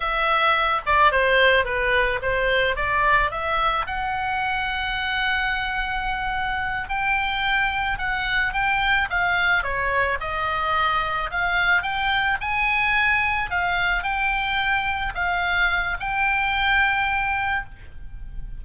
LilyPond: \new Staff \with { instrumentName = "oboe" } { \time 4/4 \tempo 4 = 109 e''4. d''8 c''4 b'4 | c''4 d''4 e''4 fis''4~ | fis''1~ | fis''8 g''2 fis''4 g''8~ |
g''8 f''4 cis''4 dis''4.~ | dis''8 f''4 g''4 gis''4.~ | gis''8 f''4 g''2 f''8~ | f''4 g''2. | }